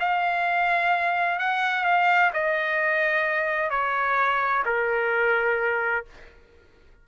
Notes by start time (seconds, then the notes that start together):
0.00 F5
1.39 F#5
1.84 F5
2.33 D#5
3.70 C#5
4.66 A#4